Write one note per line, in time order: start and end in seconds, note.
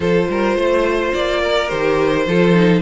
0.00 0.28 F3
0.00 1.68 F4
0.00 0.28 A4
0.00 1.14 C5
0.29 0.56 G3
0.29 0.56 A#4
0.56 1.12 A3
0.56 1.41 C5
1.14 1.71 A#3
1.14 1.69 D5
1.41 2.26 A#4
1.68 2.26 D#3
1.68 2.25 G4
1.68 2.82 C5
2.26 2.82 F3
2.26 2.54 F4
2.26 2.82 A4
2.54 2.82 D#4